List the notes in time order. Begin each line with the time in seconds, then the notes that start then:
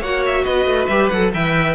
0.00 A#3 F#4 C#5 F#5
0.26 E5
0.44 B3 B4 D#5
0.66 A3
0.87 G3 G4 E5
1.09 F#3 A4 F#5
1.34 E3 B4 E5 G5